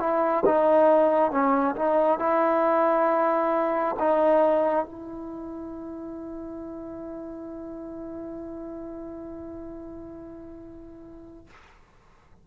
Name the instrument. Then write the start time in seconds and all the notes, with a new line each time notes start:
trombone
0.00 E4
0.46 D#4
1.32 C#4
1.76 D#4
2.20 E4
3.99 D#4
4.86 E4